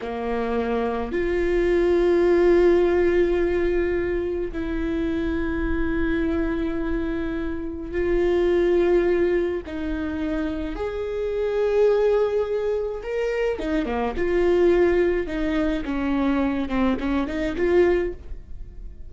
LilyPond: \new Staff \with { instrumentName = "viola" } { \time 4/4 \tempo 4 = 106 ais2 f'2~ | f'1 | e'1~ | e'2 f'2~ |
f'4 dis'2 gis'4~ | gis'2. ais'4 | dis'8 ais8 f'2 dis'4 | cis'4. c'8 cis'8 dis'8 f'4 | }